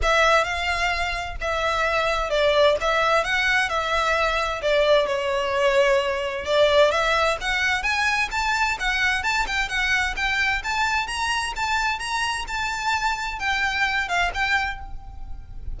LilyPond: \new Staff \with { instrumentName = "violin" } { \time 4/4 \tempo 4 = 130 e''4 f''2 e''4~ | e''4 d''4 e''4 fis''4 | e''2 d''4 cis''4~ | cis''2 d''4 e''4 |
fis''4 gis''4 a''4 fis''4 | a''8 g''8 fis''4 g''4 a''4 | ais''4 a''4 ais''4 a''4~ | a''4 g''4. f''8 g''4 | }